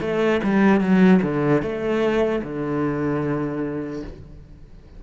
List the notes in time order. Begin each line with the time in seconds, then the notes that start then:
0.00 A3
0.43 G3
0.80 F#3
1.22 D3
1.62 A3
2.43 D3